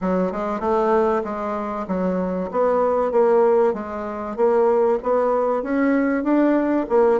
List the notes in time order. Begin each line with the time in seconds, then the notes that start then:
0.01 F#3
0.32 G#3
0.59 A3
1.24 G#3
1.87 F#3
2.51 B3
3.11 A#3
3.73 G#3
4.36 A#3
5.02 B3
5.62 C#4
6.23 D4
6.89 A#3